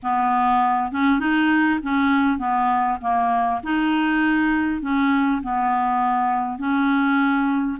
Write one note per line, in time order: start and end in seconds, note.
0.02 0.92 B3
0.92 1.19 C#4
1.19 1.79 D#4
1.82 2.38 C#4
2.38 2.98 B3
3.01 3.61 A#3
3.63 4.81 D#4
4.81 5.41 C#4
5.42 6.58 B3
6.58 7.78 C#4